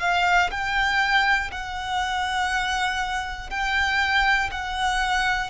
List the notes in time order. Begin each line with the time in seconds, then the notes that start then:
0.00 F5
0.51 G5
1.52 F#5
3.50 G5
4.51 F#5